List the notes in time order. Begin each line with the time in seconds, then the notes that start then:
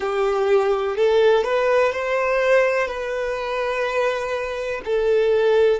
0.00 G4
0.96 A4
1.44 B4
1.92 C5
2.87 B4
4.84 A4